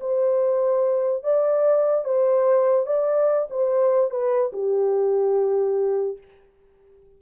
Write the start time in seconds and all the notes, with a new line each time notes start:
0.00 C5
1.23 D5
2.04 C5
2.86 D5
3.50 C5
4.10 B4
4.52 G4